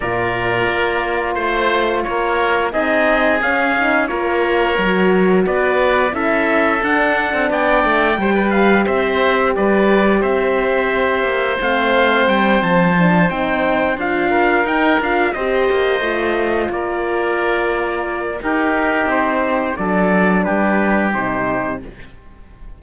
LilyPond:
<<
  \new Staff \with { instrumentName = "trumpet" } { \time 4/4 \tempo 4 = 88 d''2 c''4 cis''4 | dis''4 f''4 cis''2 | d''4 e''4 fis''4 g''4~ | g''8 f''8 e''4 d''4 e''4~ |
e''4 f''4 g''8 a''4 g''8~ | g''8 f''4 g''8 f''8 dis''4.~ | dis''8 d''2~ d''8 ais'4 | c''4 d''4 b'4 c''4 | }
  \new Staff \with { instrumentName = "oboe" } { \time 4/4 ais'2 c''4 ais'4 | gis'2 ais'2 | b'4 a'2 d''4 | c''16 b'8. c''4 b'4 c''4~ |
c''1~ | c''4 ais'4. c''4.~ | c''8 ais'2~ ais'8 g'4~ | g'4 a'4 g'2 | }
  \new Staff \with { instrumentName = "horn" } { \time 4/4 f'1 | dis'4 cis'8 dis'8 f'4 fis'4~ | fis'4 e'4 d'2 | g'1~ |
g'4 c'2 d'8 dis'8~ | dis'8 f'4 dis'8 f'8 g'4 f'8~ | f'2. dis'4~ | dis'4 d'2 dis'4 | }
  \new Staff \with { instrumentName = "cello" } { \time 4/4 ais,4 ais4 a4 ais4 | c'4 cis'4 ais4 fis4 | b4 cis'4 d'8. c'16 b8 a8 | g4 c'4 g4 c'4~ |
c'8 ais8 a4 g8 f4 c'8~ | c'8 d'4 dis'8 d'8 c'8 ais8 a8~ | a8 ais2~ ais8 dis'4 | c'4 fis4 g4 c4 | }
>>